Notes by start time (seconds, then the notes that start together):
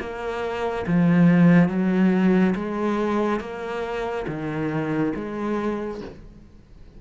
0.00 A#3
0.87 F3
1.69 F#3
2.56 G#3
3.41 A#3
4.27 D#3
5.15 G#3